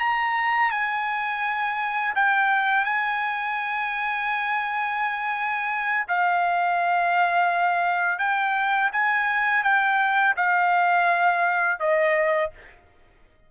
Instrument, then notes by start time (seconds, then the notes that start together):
trumpet
0.00 A#5
0.71 G#5
2.16 G5
2.85 G#5
6.09 F5
8.19 G5
8.93 G#5
9.64 G5
10.37 F5
11.80 D#5